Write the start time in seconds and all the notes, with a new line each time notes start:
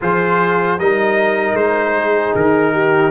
0.01 F3 F4 G#4 C5
0.79 G3 D#4 A#4 D#5
1.53 G#3 C5
1.96 G#4
2.35 D#3 A#4
2.72 G4